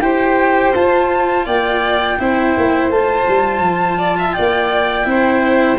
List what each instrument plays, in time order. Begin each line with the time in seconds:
0.00 tuba E4, cello G4, violin C5, flute G5
0.75 tuba F4, cello F4, flute A5
1.46 tuba A#3, violin D5, flute G5
2.19 tuba C4, cello E4, violin C5
2.57 tuba A#3
2.89 tuba A3, cello F4, flute A5
3.28 tuba G3
3.60 tuba F3
3.98 violin D5
4.19 violin E5
4.33 violin D5, flute G5
4.39 tuba A#3
5.04 tuba C4, cello E4
5.11 violin C5